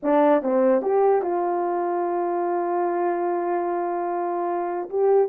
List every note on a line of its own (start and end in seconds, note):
0.02 0.42 D4
0.42 0.81 C4
0.81 1.22 G4
1.22 4.89 F4
4.89 5.28 G4